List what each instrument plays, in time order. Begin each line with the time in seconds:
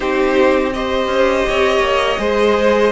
0.00 cello C4, viola D#4, violin G4 C5
0.73 viola G4, violin C5 D#5
1.07 cello C#4
1.48 cello C4, violin C#5
1.79 cello A#3
2.18 cello G#3, viola G#4, violin C5